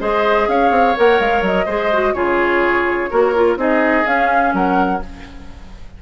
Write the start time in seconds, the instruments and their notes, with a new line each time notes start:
0.00 bassoon G#3, clarinet G#4, oboe C5, flute D#5
0.48 bassoon C#4, oboe C#5, flute F5
0.71 bassoon C4
0.96 bassoon A#3, clarinet A#4, flute F#5
1.20 bassoon G#3, flute F5
1.42 bassoon F#3, flute D#5
1.66 bassoon G#3, clarinet G#4, oboe C5
1.93 clarinet F#4
2.14 bassoon C#3, clarinet F4, oboe G#4, flute C#5
3.10 bassoon A#3, clarinet F#4, oboe A#4
3.35 clarinet F4
3.57 bassoon C4, clarinet D#4, oboe G#4, flute D#5
4.05 clarinet C#4, bassoon C#4, flute F5
4.54 bassoon F#3, oboe A#4, flute F#5